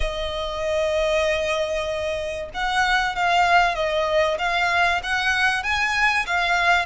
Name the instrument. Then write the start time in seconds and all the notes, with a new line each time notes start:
violin
0.00 D#5
2.54 F#5
3.15 F5
3.75 D#5
4.38 F5
5.03 F#5
5.62 G#5
6.26 F5